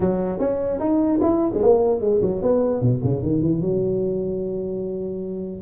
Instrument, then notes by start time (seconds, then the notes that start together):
tuba
0.00 F#3
0.39 C#4
0.79 D#4
1.21 E4
1.54 G#3
1.63 A#3
2.00 G#3
2.21 F#3
2.42 B3
2.81 B2
3.04 C#3
3.22 D#3
3.41 E3
3.61 F#3